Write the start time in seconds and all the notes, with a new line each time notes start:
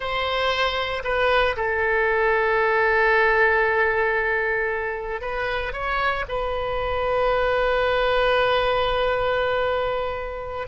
0.00 C5
1.04 B4
1.56 A4
5.21 B4
5.72 C#5
6.28 B4